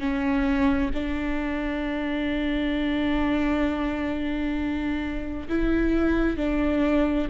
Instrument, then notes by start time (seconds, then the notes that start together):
viola
0.00 C#4
0.94 D4
5.49 E4
6.37 D4